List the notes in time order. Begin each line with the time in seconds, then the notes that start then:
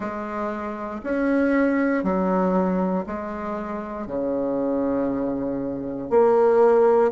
0.00 G#3
1.04 C#4
2.03 F#3
3.06 G#3
4.07 C#3
6.10 A#3